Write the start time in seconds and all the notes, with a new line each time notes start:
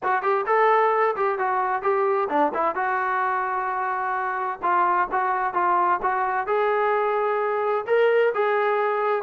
0.03 F#4
0.22 G4
0.46 A4
1.16 G4
1.38 F#4
1.82 G4
2.29 D4
2.54 E4
2.75 F#4
4.62 F4
5.11 F#4
5.53 F4
6.02 F#4
6.47 G#4
7.87 A#4
8.34 G#4